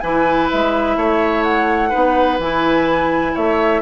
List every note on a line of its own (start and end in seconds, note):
0.00 0.50 E3
0.00 1.91 E4
0.00 0.97 B4
0.00 0.48 G#5
0.50 0.97 G#3
0.50 1.43 E5
0.97 1.92 A3
0.97 1.89 C#5
1.43 2.38 F#5
1.89 2.39 D#4
1.89 3.32 B4
1.95 2.39 B3
2.39 3.34 E3
2.39 3.82 E4
2.39 3.36 G#5
3.34 3.82 A3
3.34 3.82 C#5
3.34 3.82 E5